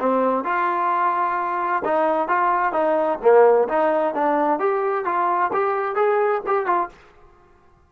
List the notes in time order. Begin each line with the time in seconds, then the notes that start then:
0.00 C4
0.45 F4
1.85 D#4
2.29 F4
2.73 D#4
3.22 A#3
3.69 D#4
4.15 D4
4.60 G4
5.06 F4
5.53 G4
5.96 G#4
6.47 G4
6.67 F4